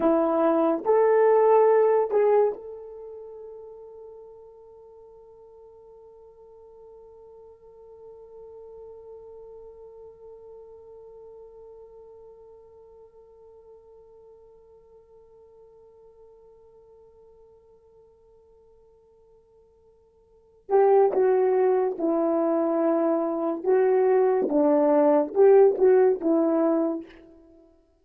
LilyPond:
\new Staff \with { instrumentName = "horn" } { \time 4/4 \tempo 4 = 71 e'4 a'4. gis'8 a'4~ | a'1~ | a'1~ | a'1~ |
a'1~ | a'1~ | a'8 g'8 fis'4 e'2 | fis'4 d'4 g'8 fis'8 e'4 | }